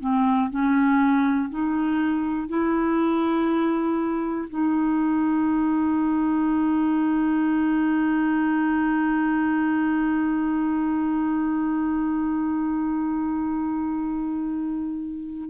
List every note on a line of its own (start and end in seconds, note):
0.00 0.50 C4
0.50 1.50 C#4
1.50 2.49 D#4
2.49 4.49 E4
4.50 15.50 D#4